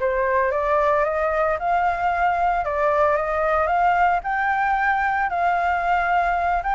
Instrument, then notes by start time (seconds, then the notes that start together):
flute
0.00 C5
0.51 D5
1.05 D#5
1.59 F5
2.65 D5
3.17 D#5
3.67 F5
4.24 G5
5.30 F5
6.63 G5